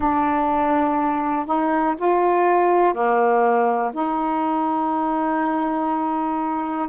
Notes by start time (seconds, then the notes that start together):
0.00 D4
1.46 D#4
1.98 F4
2.93 A#3
3.93 D#4